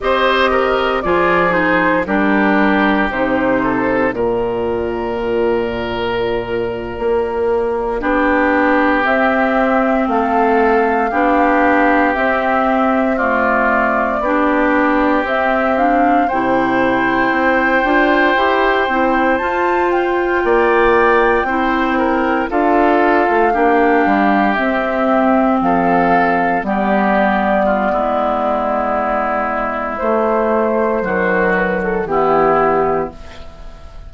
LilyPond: <<
  \new Staff \with { instrumentName = "flute" } { \time 4/4 \tempo 4 = 58 dis''4 d''8 c''8 ais'4 c''4 | d''1~ | d''8. e''4 f''2 e''16~ | e''8. d''2 e''8 f''8 g''16~ |
g''2~ g''8. a''8 g''8.~ | g''4.~ g''16 f''2 e''16~ | e''8. f''4 d''2~ d''16~ | d''4 c''4. b'16 a'16 g'4 | }
  \new Staff \with { instrumentName = "oboe" } { \time 4/4 c''8 ais'8 gis'4 g'4. a'8 | ais'2.~ ais'8. g'16~ | g'4.~ g'16 a'4 g'4~ g'16~ | g'8. f'4 g'2 c''16~ |
c''2.~ c''8. d''16~ | d''8. c''8 ais'8 a'4 g'4~ g'16~ | g'8. a'4 g'4 f'16 e'4~ | e'2 fis'4 e'4 | }
  \new Staff \with { instrumentName = "clarinet" } { \time 4/4 g'4 f'8 dis'8 d'4 dis'4 | f'2.~ f'8. d'16~ | d'8. c'2 d'4 c'16~ | c'8. a4 d'4 c'8 d'8 e'16~ |
e'4~ e'16 f'8 g'8 e'8 f'4~ f'16~ | f'8. e'4 f'4 d'4 c'16~ | c'4.~ c'16 b2~ b16~ | b4 a4 fis4 b4 | }
  \new Staff \with { instrumentName = "bassoon" } { \time 4/4 c'4 f4 g4 c4 | ais,2~ ais,8. ais4 b16~ | b8. c'4 a4 b4 c'16~ | c'4.~ c'16 b4 c'4 c16~ |
c8. c'8 d'8 e'8 c'8 f'4 ais16~ | ais8. c'4 d'8. a16 ais8 g8 c'16~ | c'8. f4 g4~ g16 gis4~ | gis4 a4 dis4 e4 | }
>>